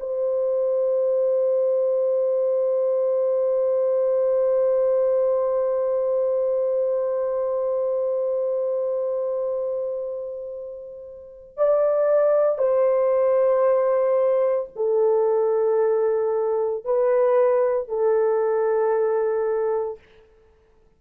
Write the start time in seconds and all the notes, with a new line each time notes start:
0.00 C5
11.57 D5
12.58 C5
14.76 A4
16.85 B4
17.89 A4